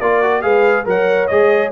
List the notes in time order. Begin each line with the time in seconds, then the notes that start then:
0.00 A#3 F4 A#4 D5
0.23 F#4
0.42 G#3 G#4 B4 F5
0.85 F#3 A#4 C#5 F#5
1.27 G#3 G#4 D#5